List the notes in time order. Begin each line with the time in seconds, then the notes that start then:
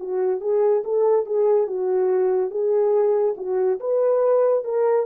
0.00 F#4
0.41 G#4
0.85 A4
1.26 G#4
1.67 F#4
2.51 G#4
3.38 F#4
3.80 B4
4.64 A#4